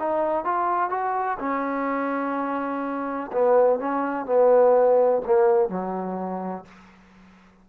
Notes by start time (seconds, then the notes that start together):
0.00 D#4
0.45 F4
0.90 F#4
1.40 C#4
3.33 B3
3.80 C#4
4.26 B3
5.26 A#3
5.69 F#3